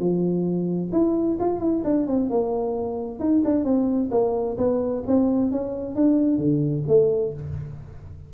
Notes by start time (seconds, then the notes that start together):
0.00 F3
0.92 E4
1.40 F4
1.60 E4
1.85 D4
2.07 C4
2.30 A#3
3.20 D#4
3.45 D4
3.65 C4
4.12 A#3
4.58 B3
5.07 C4
5.52 C#4
5.96 D4
6.38 D3
6.88 A3